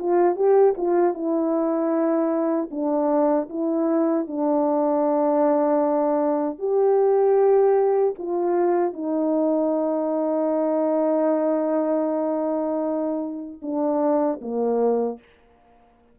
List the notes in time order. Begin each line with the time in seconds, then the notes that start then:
0.00 F4
0.36 G4
0.78 F4
1.14 E4
2.72 D4
3.50 E4
4.28 D4
6.59 G4
8.19 F4
8.94 D#4
13.63 D4
14.42 A#3